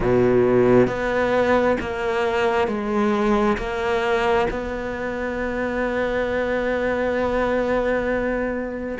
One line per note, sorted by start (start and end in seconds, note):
0.00 0.87 B2
0.87 1.76 B3
1.80 2.67 A#3
2.67 3.57 G#3
3.57 4.47 A#3
4.50 8.98 B3